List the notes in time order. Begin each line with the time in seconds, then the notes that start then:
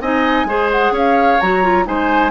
0.00 C4 D#4 D#5 G#5
0.45 G#3 G#4 C5
0.71 F#5
0.91 C#4 C#5 F5
1.40 F#3 F#4 A#5
1.63 F4
1.85 G#3 D#4 C5 G#5